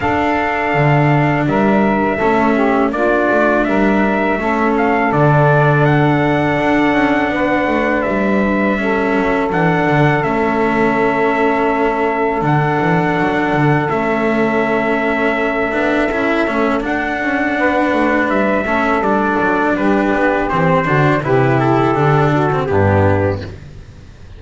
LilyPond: <<
  \new Staff \with { instrumentName = "trumpet" } { \time 4/4 \tempo 4 = 82 f''2 e''2 | d''4 e''4. f''8 d''4 | fis''2. e''4~ | e''4 fis''4 e''2~ |
e''4 fis''2 e''4~ | e''2. fis''4~ | fis''4 e''4 d''4 b'4 | c''4 b'8 a'4. g'4 | }
  \new Staff \with { instrumentName = "saxophone" } { \time 4/4 a'2 ais'4 a'8 g'8 | f'4 ais'4 a'2~ | a'2 b'2 | a'1~ |
a'1~ | a'1 | b'4. a'4. g'4~ | g'8 fis'8 g'4. fis'8 d'4 | }
  \new Staff \with { instrumentName = "cello" } { \time 4/4 d'2. cis'4 | d'2 cis'4 d'4~ | d'1 | cis'4 d'4 cis'2~ |
cis'4 d'2 cis'4~ | cis'4. d'8 e'8 cis'8 d'4~ | d'4. cis'8 d'2 | c'8 d'8 e'4 d'8. c'16 b4 | }
  \new Staff \with { instrumentName = "double bass" } { \time 4/4 d'4 d4 g4 a4 | ais8 a8 g4 a4 d4~ | d4 d'8 cis'8 b8 a8 g4~ | g8 fis8 e8 d8 a2~ |
a4 d8 e8 fis8 d8 a4~ | a4. b8 cis'8 a8 d'8 cis'8 | b8 a8 g8 a8 g8 fis8 g8 b8 | e8 d8 c4 d4 g,4 | }
>>